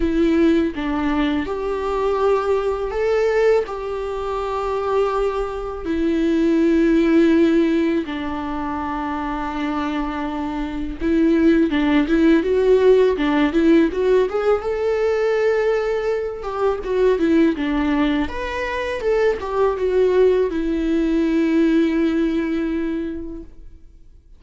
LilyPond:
\new Staff \with { instrumentName = "viola" } { \time 4/4 \tempo 4 = 82 e'4 d'4 g'2 | a'4 g'2. | e'2. d'4~ | d'2. e'4 |
d'8 e'8 fis'4 d'8 e'8 fis'8 gis'8 | a'2~ a'8 g'8 fis'8 e'8 | d'4 b'4 a'8 g'8 fis'4 | e'1 | }